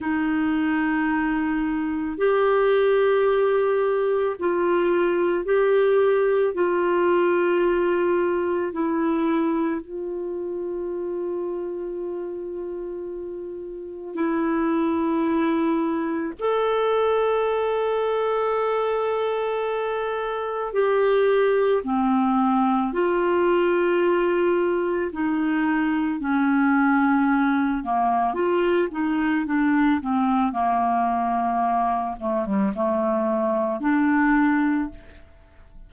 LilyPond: \new Staff \with { instrumentName = "clarinet" } { \time 4/4 \tempo 4 = 55 dis'2 g'2 | f'4 g'4 f'2 | e'4 f'2.~ | f'4 e'2 a'4~ |
a'2. g'4 | c'4 f'2 dis'4 | cis'4. ais8 f'8 dis'8 d'8 c'8 | ais4. a16 g16 a4 d'4 | }